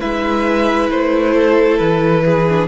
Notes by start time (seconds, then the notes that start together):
0.00 G#3 E4 B4 E5
0.90 A3 C5
1.34 A4
1.78 E3 B4
2.25 G#4
2.49 D4